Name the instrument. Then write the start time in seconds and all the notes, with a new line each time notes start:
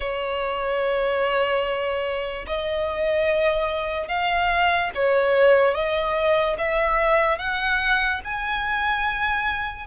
violin
0.00 C#5
2.47 D#5
4.08 F5
4.95 C#5
5.74 D#5
6.58 E5
7.38 F#5
8.24 G#5